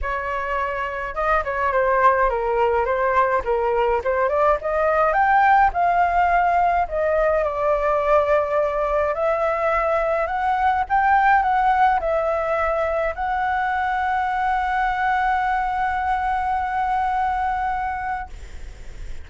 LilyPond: \new Staff \with { instrumentName = "flute" } { \time 4/4 \tempo 4 = 105 cis''2 dis''8 cis''8 c''4 | ais'4 c''4 ais'4 c''8 d''8 | dis''4 g''4 f''2 | dis''4 d''2. |
e''2 fis''4 g''4 | fis''4 e''2 fis''4~ | fis''1~ | fis''1 | }